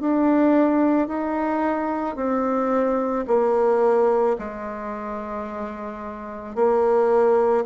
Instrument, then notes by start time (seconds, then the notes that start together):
bassoon
0.00 D4
1.08 D#4
2.16 C4
3.27 A#3
4.38 G#3
6.55 A#3